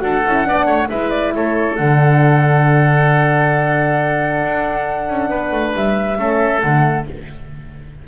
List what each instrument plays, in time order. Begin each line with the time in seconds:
0.00 double bass D4, horn F#4, oboe A4, flute F#5
0.27 double bass C#4, horn E4
0.45 double bass B3, horn D4, oboe D5
0.66 double bass A3, oboe C#5
0.90 double bass G#3, horn E4, oboe B4, flute E5
1.11 flute D5
1.36 double bass A3, oboe A4, flute C#5
1.76 double bass D3, horn D4, flute F#5
4.43 double bass D4
5.09 double bass C#4
5.30 double bass B3, oboe B4
5.52 double bass A3
5.75 double bass G3, flute E5
6.18 double bass A3, horn C#4, oboe A4
6.61 double bass D3, horn A3, flute F#5